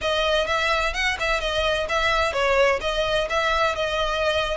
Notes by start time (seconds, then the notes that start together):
0.01 D#5
0.46 E5
0.93 F#5
1.19 E5
1.40 D#5
1.88 E5
2.32 C#5
2.81 D#5
3.29 E5
3.75 D#5